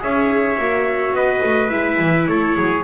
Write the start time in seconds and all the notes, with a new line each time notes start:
0.00 C#4 G#4 C#5 E5
0.58 A#3 F#4
1.13 B3 B4 D#5
1.44 A3
1.70 G#3 E4 E5
2.00 E3
2.27 A3 A4 C#5
2.57 F#3 G#4